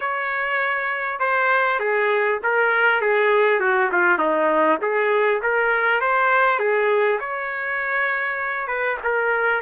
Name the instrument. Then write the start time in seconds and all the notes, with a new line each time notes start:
trumpet
0.00 C#5
1.19 C5
1.79 G#4
2.43 A#4
3.01 G#4
3.59 F#4
3.92 F4
4.18 D#4
4.81 G#4
5.42 A#4
6.01 C5
6.59 G#4
7.20 C#5
8.67 B4
9.03 A#4